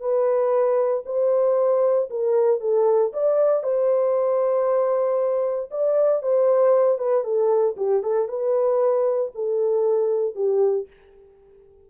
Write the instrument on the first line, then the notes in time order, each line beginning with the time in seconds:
horn
0.00 B4
1.06 C5
2.10 A#4
2.61 A4
3.13 D5
3.63 C5
5.71 D5
6.22 C5
6.99 B4
7.24 A4
7.77 G4
8.03 A4
8.28 B4
9.35 A4
10.35 G4